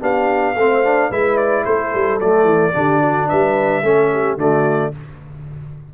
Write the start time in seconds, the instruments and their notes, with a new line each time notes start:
0.00 tuba B3, trombone D4, horn G4, trumpet F5
0.55 tuba A3, trombone C4, horn C5
0.84 trombone D4
1.09 tuba G#3, trombone E4, horn B4, trumpet E5
1.37 trumpet D5
1.65 tuba A3, horn A4, trumpet C5
1.94 tuba G3
2.19 tuba F#3, trombone A3, trumpet D5
2.44 tuba E3
2.73 tuba D3, trombone D4, horn G4
3.00 horn F#4
3.29 tuba G3, horn B4, trumpet E5
3.82 tuba A3, trombone C#4, horn A4
4.12 horn G4
4.37 tuba D3, trombone A3, horn F#4, trumpet D5